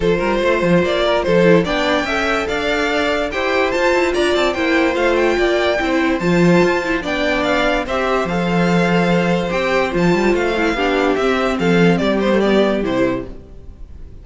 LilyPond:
<<
  \new Staff \with { instrumentName = "violin" } { \time 4/4 \tempo 4 = 145 c''2 d''4 c''4 | g''2 f''2 | g''4 a''4 ais''8 a''8 g''4 | f''8 g''2~ g''8 a''4~ |
a''4 g''4 f''4 e''4 | f''2. g''4 | a''4 f''2 e''4 | f''4 d''8 c''8 d''4 c''4 | }
  \new Staff \with { instrumentName = "violin" } { \time 4/4 a'8 ais'8 c''4. ais'8 a'4 | d''4 e''4 d''2 | c''2 d''4 c''4~ | c''4 d''4 c''2~ |
c''4 d''2 c''4~ | c''1~ | c''2 g'2 | a'4 g'2. | }
  \new Staff \with { instrumentName = "viola" } { \time 4/4 f'2.~ f'8 e'8 | d'4 a'2. | g'4 f'2 e'4 | f'2 e'4 f'4~ |
f'8 e'8 d'2 g'4 | a'2. g'4 | f'4. e'8 d'4 c'4~ | c'4. b16 a16 b4 e'4 | }
  \new Staff \with { instrumentName = "cello" } { \time 4/4 f8 g8 a8 f8 ais4 f4 | b4 cis'4 d'2 | e'4 f'8 e'8 d'8 c'8 ais4 | a4 ais4 c'4 f4 |
f'4 b2 c'4 | f2. c'4 | f8 g8 a4 b4 c'4 | f4 g2 c4 | }
>>